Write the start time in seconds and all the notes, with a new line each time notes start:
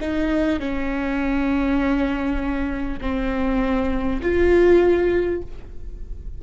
0.00 D#4
0.59 C#4
3.01 C4
4.22 F4